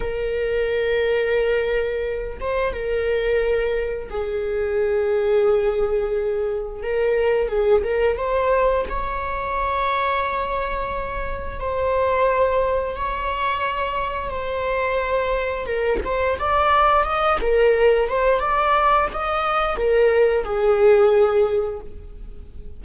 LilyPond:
\new Staff \with { instrumentName = "viola" } { \time 4/4 \tempo 4 = 88 ais'2.~ ais'8 c''8 | ais'2 gis'2~ | gis'2 ais'4 gis'8 ais'8 | c''4 cis''2.~ |
cis''4 c''2 cis''4~ | cis''4 c''2 ais'8 c''8 | d''4 dis''8 ais'4 c''8 d''4 | dis''4 ais'4 gis'2 | }